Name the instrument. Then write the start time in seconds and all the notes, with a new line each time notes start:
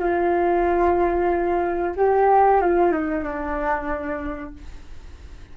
flute
0.00 F4
1.97 G4
2.61 F4
2.93 D#4
3.24 D4